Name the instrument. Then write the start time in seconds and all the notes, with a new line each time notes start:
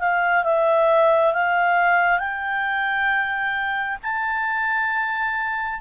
clarinet
0.00 F5
0.44 E5
1.34 F5
2.19 G5
4.03 A5